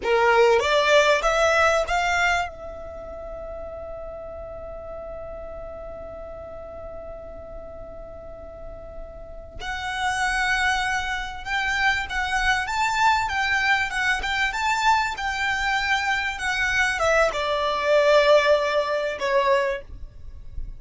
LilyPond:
\new Staff \with { instrumentName = "violin" } { \time 4/4 \tempo 4 = 97 ais'4 d''4 e''4 f''4 | e''1~ | e''1~ | e''2.~ e''8 fis''8~ |
fis''2~ fis''8 g''4 fis''8~ | fis''8 a''4 g''4 fis''8 g''8 a''8~ | a''8 g''2 fis''4 e''8 | d''2. cis''4 | }